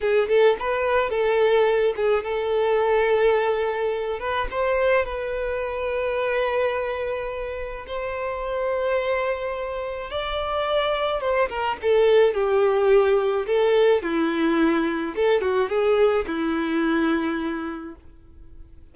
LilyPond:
\new Staff \with { instrumentName = "violin" } { \time 4/4 \tempo 4 = 107 gis'8 a'8 b'4 a'4. gis'8 | a'2.~ a'8 b'8 | c''4 b'2.~ | b'2 c''2~ |
c''2 d''2 | c''8 ais'8 a'4 g'2 | a'4 e'2 a'8 fis'8 | gis'4 e'2. | }